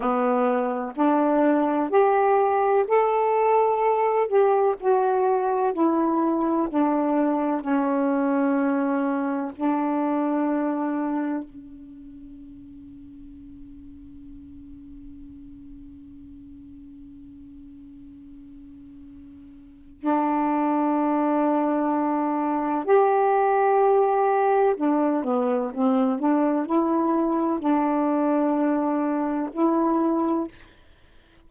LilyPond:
\new Staff \with { instrumentName = "saxophone" } { \time 4/4 \tempo 4 = 63 b4 d'4 g'4 a'4~ | a'8 g'8 fis'4 e'4 d'4 | cis'2 d'2 | cis'1~ |
cis'1~ | cis'4 d'2. | g'2 d'8 b8 c'8 d'8 | e'4 d'2 e'4 | }